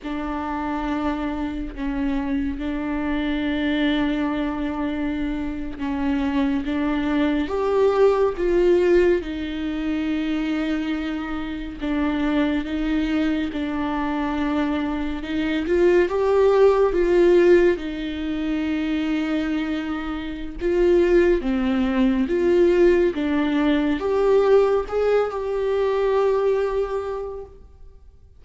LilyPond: \new Staff \with { instrumentName = "viola" } { \time 4/4 \tempo 4 = 70 d'2 cis'4 d'4~ | d'2~ d'8. cis'4 d'16~ | d'8. g'4 f'4 dis'4~ dis'16~ | dis'4.~ dis'16 d'4 dis'4 d'16~ |
d'4.~ d'16 dis'8 f'8 g'4 f'16~ | f'8. dis'2.~ dis'16 | f'4 c'4 f'4 d'4 | g'4 gis'8 g'2~ g'8 | }